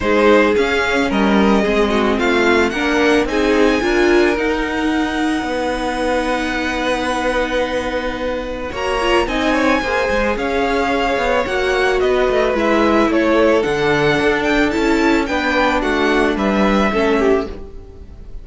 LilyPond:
<<
  \new Staff \with { instrumentName = "violin" } { \time 4/4 \tempo 4 = 110 c''4 f''4 dis''2 | f''4 fis''4 gis''2 | fis''1~ | fis''1 |
ais''4 gis''2 f''4~ | f''4 fis''4 dis''4 e''4 | cis''4 fis''4. g''8 a''4 | g''4 fis''4 e''2 | }
  \new Staff \with { instrumentName = "violin" } { \time 4/4 gis'2 ais'4 gis'8 fis'8 | f'4 ais'4 gis'4 ais'4~ | ais'2 b'2~ | b'1 |
cis''4 dis''8 cis''8 c''4 cis''4~ | cis''2 b'2 | a'1 | b'4 fis'4 b'4 a'8 g'8 | }
  \new Staff \with { instrumentName = "viola" } { \time 4/4 dis'4 cis'2 c'4~ | c'4 d'4 dis'4 f'4 | dis'1~ | dis'1 |
fis'8 f'8 dis'4 gis'2~ | gis'4 fis'2 e'4~ | e'4 d'2 e'4 | d'2. cis'4 | }
  \new Staff \with { instrumentName = "cello" } { \time 4/4 gis4 cis'4 g4 gis4 | a4 ais4 c'4 d'4 | dis'2 b2~ | b1 |
ais4 c'4 ais8 gis8 cis'4~ | cis'8 b8 ais4 b8 a8 gis4 | a4 d4 d'4 cis'4 | b4 a4 g4 a4 | }
>>